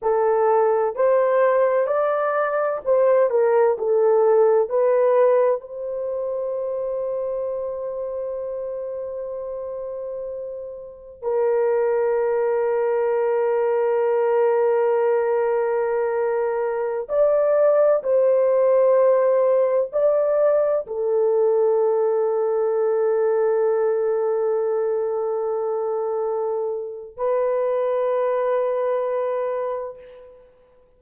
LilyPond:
\new Staff \with { instrumentName = "horn" } { \time 4/4 \tempo 4 = 64 a'4 c''4 d''4 c''8 ais'8 | a'4 b'4 c''2~ | c''1 | ais'1~ |
ais'2~ ais'16 d''4 c''8.~ | c''4~ c''16 d''4 a'4.~ a'16~ | a'1~ | a'4 b'2. | }